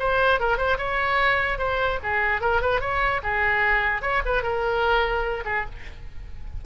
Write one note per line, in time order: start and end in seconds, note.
0.00 0.40 C5
0.40 0.58 A#4
0.58 0.78 C5
0.78 1.59 C#5
1.59 1.99 C5
2.03 2.42 G#4
2.42 2.62 A#4
2.62 2.81 B4
2.81 3.22 C#5
3.24 4.02 G#4
4.02 4.23 C#5
4.26 4.43 B4
4.43 5.44 A#4
5.46 5.66 G#4